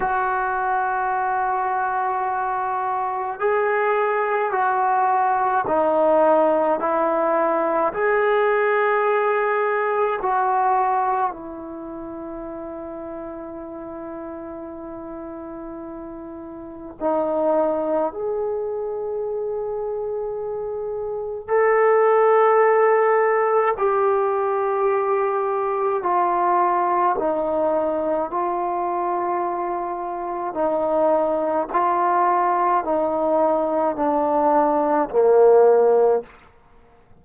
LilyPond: \new Staff \with { instrumentName = "trombone" } { \time 4/4 \tempo 4 = 53 fis'2. gis'4 | fis'4 dis'4 e'4 gis'4~ | gis'4 fis'4 e'2~ | e'2. dis'4 |
gis'2. a'4~ | a'4 g'2 f'4 | dis'4 f'2 dis'4 | f'4 dis'4 d'4 ais4 | }